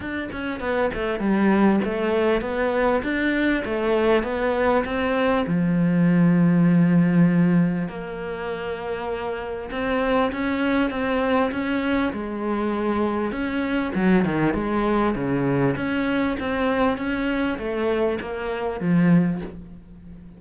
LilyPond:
\new Staff \with { instrumentName = "cello" } { \time 4/4 \tempo 4 = 99 d'8 cis'8 b8 a8 g4 a4 | b4 d'4 a4 b4 | c'4 f2.~ | f4 ais2. |
c'4 cis'4 c'4 cis'4 | gis2 cis'4 fis8 dis8 | gis4 cis4 cis'4 c'4 | cis'4 a4 ais4 f4 | }